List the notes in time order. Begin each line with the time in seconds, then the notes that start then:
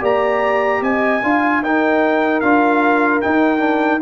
0.00 A#3 G4 D5 A#5
0.81 C4 D#5 G#5
1.23 D4 F4 F5
1.61 D#4 A#4 G5
2.40 D4 F4 F5
3.21 D#4 G5
3.59 D4